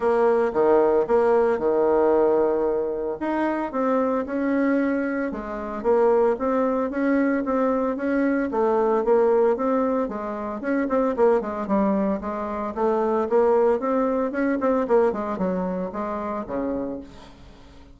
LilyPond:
\new Staff \with { instrumentName = "bassoon" } { \time 4/4 \tempo 4 = 113 ais4 dis4 ais4 dis4~ | dis2 dis'4 c'4 | cis'2 gis4 ais4 | c'4 cis'4 c'4 cis'4 |
a4 ais4 c'4 gis4 | cis'8 c'8 ais8 gis8 g4 gis4 | a4 ais4 c'4 cis'8 c'8 | ais8 gis8 fis4 gis4 cis4 | }